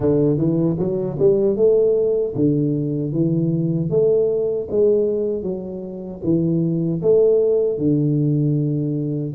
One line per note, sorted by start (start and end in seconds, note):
0.00 0.37 D3
0.37 0.76 E3
0.78 1.17 F#3
1.19 1.56 G3
1.56 2.34 A3
2.35 3.12 D3
3.12 3.90 E3
3.90 4.68 A3
4.70 5.42 G#3
5.42 6.20 F#3
6.23 7.01 E3
7.02 7.78 A3
7.78 9.34 D3